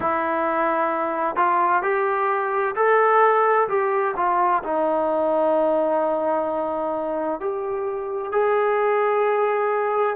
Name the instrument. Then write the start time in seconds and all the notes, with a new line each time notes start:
trombone
0.00 E4
1.36 F4
1.82 G4
2.75 A4
3.68 G4
4.16 F4
4.63 D#4
7.39 G4
8.32 G#4